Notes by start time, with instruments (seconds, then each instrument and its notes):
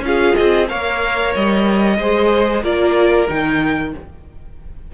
0.00 cello C#4, viola F4, violin F5
0.06 violin G#4
0.35 cello C4, violin D#5
0.68 cello A#3, viola A#4, violin C#5 F5
1.35 cello G3, violin D#5
1.98 cello G#3, viola G#4, violin C5
2.63 cello A#3, viola F4, violin A#4 D5
3.28 cello D#3, viola D#4, violin G5